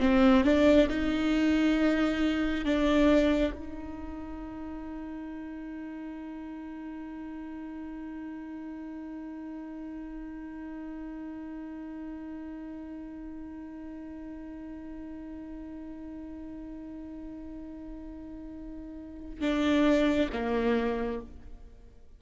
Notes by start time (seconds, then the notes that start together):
0.00 C4
0.44 D4
0.89 D#4
2.65 D4
3.54 D#4
19.41 D4
20.33 A#3